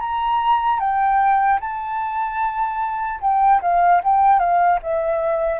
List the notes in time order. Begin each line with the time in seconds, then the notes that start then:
0.00 A#5
0.79 G5
1.60 A5
3.21 G5
3.61 F5
4.04 G5
4.39 F5
4.82 E5